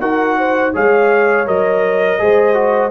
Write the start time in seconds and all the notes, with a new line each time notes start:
0.00 D#4 F#4 A#4 F#5
0.38 C5
0.73 G#3 G#4 C#5 F5
1.46 F#3 A#4 D#5
2.19 G#3 G#4 C5
2.54 F#4